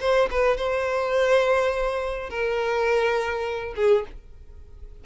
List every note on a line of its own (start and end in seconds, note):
0.00 0.29 C5
0.30 0.57 B4
0.57 2.30 C5
2.30 3.74 A#4
3.76 4.04 G#4